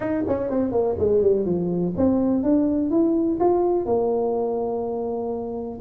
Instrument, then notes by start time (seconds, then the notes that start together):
tuba
0.00 D#4
0.27 C#4
0.50 C4
0.71 A#3
0.98 G#3
1.21 G3
1.45 F3
1.97 C4
2.43 D4
2.90 E4
3.40 F4
3.85 A#3